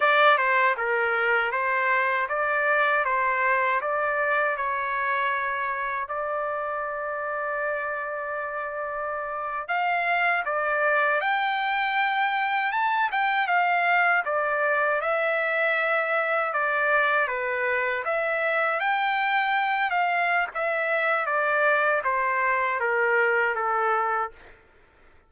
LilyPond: \new Staff \with { instrumentName = "trumpet" } { \time 4/4 \tempo 4 = 79 d''8 c''8 ais'4 c''4 d''4 | c''4 d''4 cis''2 | d''1~ | d''8. f''4 d''4 g''4~ g''16~ |
g''8. a''8 g''8 f''4 d''4 e''16~ | e''4.~ e''16 d''4 b'4 e''16~ | e''8. g''4. f''8. e''4 | d''4 c''4 ais'4 a'4 | }